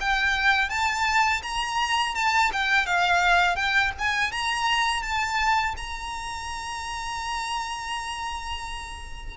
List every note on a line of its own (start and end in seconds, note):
0.00 0.69 G5
0.69 1.42 A5
1.43 2.15 A#5
2.15 2.51 A5
2.52 2.86 G5
2.86 3.56 F5
3.56 3.92 G5
3.99 4.32 G#5
4.32 5.03 A#5
5.03 5.75 A5
5.77 9.37 A#5